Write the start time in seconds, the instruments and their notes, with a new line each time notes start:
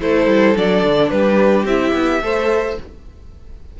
0.00 cello A3, viola E4, violin A4 C5
0.27 cello G3
0.55 cello F#3, viola D4, violin D5
0.83 cello D3
1.10 cello G3, violin G4 B4
1.64 cello C4, viola E4, violin E5
1.93 cello B3
2.22 cello A3, viola A4, violin C5